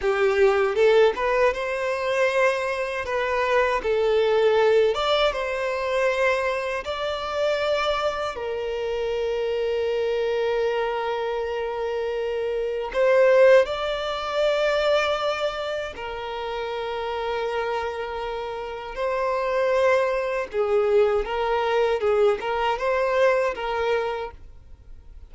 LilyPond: \new Staff \with { instrumentName = "violin" } { \time 4/4 \tempo 4 = 79 g'4 a'8 b'8 c''2 | b'4 a'4. d''8 c''4~ | c''4 d''2 ais'4~ | ais'1~ |
ais'4 c''4 d''2~ | d''4 ais'2.~ | ais'4 c''2 gis'4 | ais'4 gis'8 ais'8 c''4 ais'4 | }